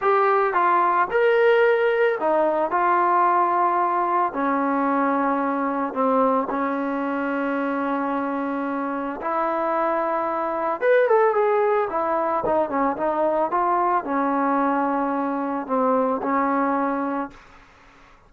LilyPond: \new Staff \with { instrumentName = "trombone" } { \time 4/4 \tempo 4 = 111 g'4 f'4 ais'2 | dis'4 f'2. | cis'2. c'4 | cis'1~ |
cis'4 e'2. | b'8 a'8 gis'4 e'4 dis'8 cis'8 | dis'4 f'4 cis'2~ | cis'4 c'4 cis'2 | }